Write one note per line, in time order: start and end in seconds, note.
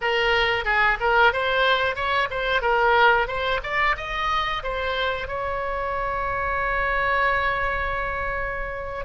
0.01 0.64 A#4
0.64 0.97 G#4
1.00 1.32 A#4
1.32 1.95 C5
1.95 2.28 C#5
2.30 2.61 C5
2.61 3.27 A#4
3.27 3.60 C5
3.63 3.96 D5
3.97 4.62 D#5
4.63 5.27 C5
5.27 9.05 C#5